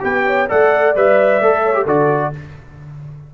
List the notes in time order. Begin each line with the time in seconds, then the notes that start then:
0.00 B3 G4 B4 G5
0.27 C#5
0.48 A3 A4 D5 F#5
0.96 G3 B4 E5
1.40 A3 A4
1.64 C#5
1.74 G4
1.84 D3 F#4 A4 D5